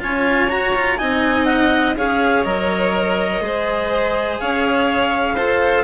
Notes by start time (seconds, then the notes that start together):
0.00 C#4 F4 C#5 G#5
0.50 F#4 A#5
0.75 F4
0.97 C4 D#4 D#5 G#5
1.46 F#5
1.96 C#4 G#4 C#5 F5
2.44 F#3 A#4 D#5
3.41 G#3 G#4 C5
4.39 C#4 C#5 F5
5.35 F4 A4 C5